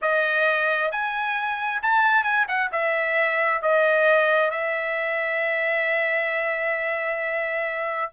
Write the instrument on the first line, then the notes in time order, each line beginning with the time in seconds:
trumpet
0.01 D#5
0.91 G#5
1.82 A5
2.23 G#5
2.48 F#5
2.71 E5
3.62 D#5
4.50 E5